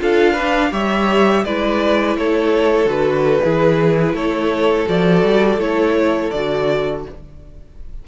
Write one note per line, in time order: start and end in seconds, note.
0.00 0.72 D4
0.00 0.36 F4
0.00 0.33 A4
0.00 0.73 F5
0.33 0.71 D4
0.33 0.69 B4
0.71 1.44 G3
0.71 1.43 G4
0.71 1.44 C#5
0.71 1.44 E5
1.44 2.16 G#3
1.44 2.86 E4
1.44 2.17 B4
1.44 2.17 D5
2.16 2.85 A3
2.16 3.44 A4
2.16 2.89 C#5
2.85 3.40 D3
2.85 3.40 F#4
2.85 4.16 B4
3.44 4.13 E3
3.44 4.86 E4
3.44 4.16 G#4
4.13 4.86 A3
4.13 7.05 A4
4.13 4.88 C#5
4.86 5.23 F3
4.86 5.58 F#4
4.86 5.60 D5
5.23 5.58 G3
5.58 6.30 A3
5.58 6.32 E4
5.58 6.30 C#5
6.30 7.05 D3
6.30 7.07 F#4
6.30 7.03 D5